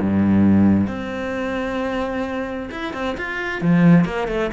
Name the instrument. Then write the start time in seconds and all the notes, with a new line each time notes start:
cello
0.00 G2
0.88 C4
2.71 E4
2.94 C4
3.18 F4
3.62 F3
4.05 A#3
4.28 A3